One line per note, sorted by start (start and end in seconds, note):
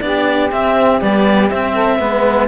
0.00 0.51 B3
0.00 0.50 D4
0.00 1.73 G4
0.00 0.50 D5
0.50 1.00 C4
0.50 1.01 C4
0.50 1.01 E5
1.01 1.50 G3
1.01 1.50 B3
1.01 1.49 D5
1.49 1.99 C4
1.49 2.48 E5
1.73 1.98 A4
1.99 2.48 G#3
1.99 2.48 B3
1.99 2.48 B4